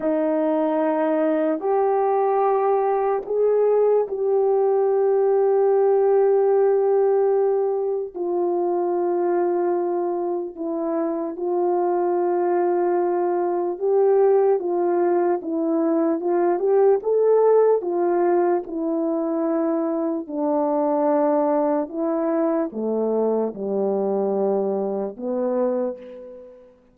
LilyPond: \new Staff \with { instrumentName = "horn" } { \time 4/4 \tempo 4 = 74 dis'2 g'2 | gis'4 g'2.~ | g'2 f'2~ | f'4 e'4 f'2~ |
f'4 g'4 f'4 e'4 | f'8 g'8 a'4 f'4 e'4~ | e'4 d'2 e'4 | a4 g2 b4 | }